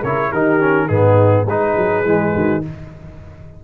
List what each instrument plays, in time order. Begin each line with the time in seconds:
0.00 tuba C#3, trombone E4, horn A#4, trumpet C#5
0.32 tuba D#3, trombone D#4, horn G4, trumpet A#4
0.59 trombone C#4
0.85 tuba G#2, trombone B3, horn D#4, trumpet G#4
1.46 tuba G#3, trombone D#4, horn G#4, trumpet B4
1.77 tuba F#3
2.04 tuba E3, trombone G#3
2.33 tuba D#3, horn F#4